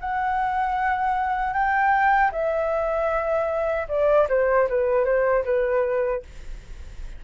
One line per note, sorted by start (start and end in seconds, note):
0.00 1.53 F#5
1.53 2.31 G5
2.32 3.87 E5
3.89 4.28 D5
4.29 4.68 C5
4.69 5.05 B4
5.05 5.44 C5
5.45 6.23 B4